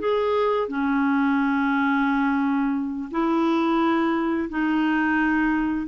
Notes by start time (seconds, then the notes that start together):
0.00 G#4
0.69 C#4
3.12 E4
4.50 D#4